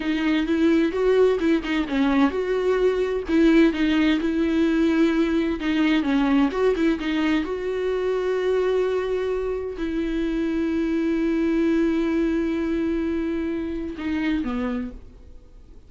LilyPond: \new Staff \with { instrumentName = "viola" } { \time 4/4 \tempo 4 = 129 dis'4 e'4 fis'4 e'8 dis'8 | cis'4 fis'2 e'4 | dis'4 e'2. | dis'4 cis'4 fis'8 e'8 dis'4 |
fis'1~ | fis'4 e'2.~ | e'1~ | e'2 dis'4 b4 | }